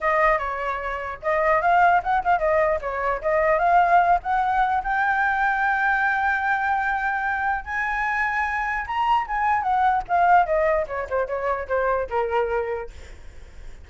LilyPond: \new Staff \with { instrumentName = "flute" } { \time 4/4 \tempo 4 = 149 dis''4 cis''2 dis''4 | f''4 fis''8 f''8 dis''4 cis''4 | dis''4 f''4. fis''4. | g''1~ |
g''2. gis''4~ | gis''2 ais''4 gis''4 | fis''4 f''4 dis''4 cis''8 c''8 | cis''4 c''4 ais'2 | }